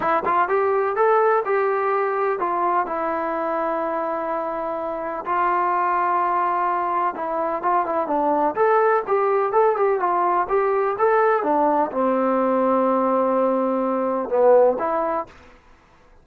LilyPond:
\new Staff \with { instrumentName = "trombone" } { \time 4/4 \tempo 4 = 126 e'8 f'8 g'4 a'4 g'4~ | g'4 f'4 e'2~ | e'2. f'4~ | f'2. e'4 |
f'8 e'8 d'4 a'4 g'4 | a'8 g'8 f'4 g'4 a'4 | d'4 c'2.~ | c'2 b4 e'4 | }